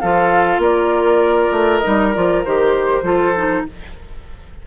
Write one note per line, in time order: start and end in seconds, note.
0.00 0.58 F3
0.00 1.83 F4
0.00 0.62 A4
0.00 0.61 F5
0.58 1.49 A#3
0.58 3.05 A#4
0.58 1.78 D5
1.51 1.81 A3
1.78 2.13 D#4
1.78 2.09 D#5
1.86 2.16 G3
2.13 2.45 F3
2.13 2.45 F4
2.13 2.43 D5
2.45 3.02 D#3
2.45 3.04 G4
2.45 3.66 C5
3.02 3.63 F3
3.02 3.34 F4
3.02 3.65 A4
3.36 3.67 D#4